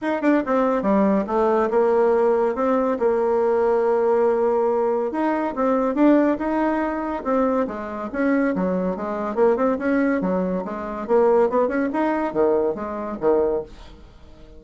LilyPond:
\new Staff \with { instrumentName = "bassoon" } { \time 4/4 \tempo 4 = 141 dis'8 d'8 c'4 g4 a4 | ais2 c'4 ais4~ | ais1 | dis'4 c'4 d'4 dis'4~ |
dis'4 c'4 gis4 cis'4 | fis4 gis4 ais8 c'8 cis'4 | fis4 gis4 ais4 b8 cis'8 | dis'4 dis4 gis4 dis4 | }